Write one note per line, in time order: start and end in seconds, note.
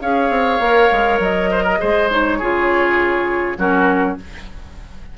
0.00 0.29 C#4
0.00 0.61 G#4
0.00 1.50 C#5
0.00 1.19 F5
0.29 0.59 C4
0.59 0.88 A#3
0.59 1.78 A#4
0.91 1.19 G#3
1.19 1.78 F#3
1.19 2.10 D#5
1.50 1.63 C5
1.63 1.78 A#4
1.78 2.41 G#3
1.78 2.08 G#4
1.78 2.38 C5
2.10 2.40 D#4
2.10 3.58 C#5
2.38 3.57 C#3
2.38 3.57 F4
2.38 3.57 G#4
3.57 4.17 F#3
3.57 4.16 C#4
3.57 4.17 F#4
3.57 4.17 A#4